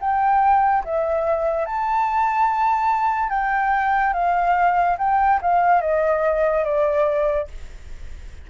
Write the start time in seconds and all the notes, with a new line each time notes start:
0.00 G5
0.84 E5
1.66 A5
3.30 G5
4.13 F5
4.98 G5
5.41 F5
5.81 D#5
6.64 D5